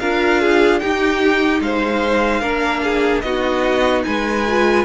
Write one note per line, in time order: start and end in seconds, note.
0.00 0.82 D4
0.00 0.82 F4
0.00 0.41 A#4
0.00 0.79 F5
0.41 0.82 G#4
0.79 2.42 D#4
0.79 1.61 D#4
0.79 1.63 G4
0.79 1.60 G5
1.61 2.42 G#3
1.61 2.41 C5
1.61 3.21 F5
2.41 3.23 A#3
2.41 3.23 D4
2.41 2.82 A#4
2.83 3.24 G#4
3.21 4.04 B3
3.21 4.46 D#4
3.21 4.05 F#4
3.21 4.02 D#5
4.04 4.85 G#3
4.04 4.85 B4
4.04 4.85 G#5
4.48 4.85 F4